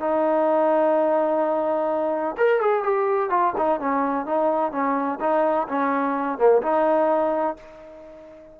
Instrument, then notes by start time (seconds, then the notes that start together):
trombone
0.00 D#4
2.38 A#4
2.61 G#4
2.84 G4
3.30 F4
3.58 D#4
3.80 C#4
4.26 D#4
4.72 C#4
5.20 D#4
5.68 C#4
6.38 A#3
6.62 D#4